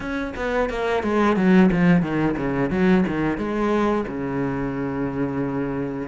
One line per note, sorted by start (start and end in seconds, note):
0.00 0.33 C#4
0.36 0.69 B3
0.69 1.03 A#3
1.03 1.36 G#3
1.36 1.70 F#3
1.71 2.02 F3
2.02 2.35 D#3
2.36 2.70 C#3
2.70 3.03 F#3
3.07 3.37 D#3
3.37 4.04 G#3
4.07 6.08 C#3